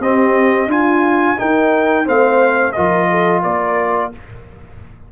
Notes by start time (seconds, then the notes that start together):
0.00 C4 G4 D#5
0.66 D4 F4 G#5
1.37 D#4 A#4 G5
2.05 A3 C4 C5 F5
2.72 F3 F4 A#4 D#5
3.10 A4
3.41 A#3 A#4 D5